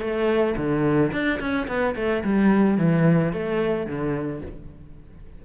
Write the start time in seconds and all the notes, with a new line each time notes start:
0.00 A3
0.56 D3
1.12 D4
1.40 C#4
1.67 B3
1.95 A3
2.24 G3
2.77 E3
3.33 A3
3.86 D3